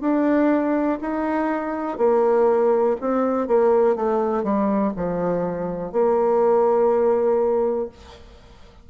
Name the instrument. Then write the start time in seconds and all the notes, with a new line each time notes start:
bassoon
0.00 D4
1.01 D#4
1.98 A#3
3.00 C4
3.47 A#3
3.95 A3
4.43 G3
4.96 F3
5.92 A#3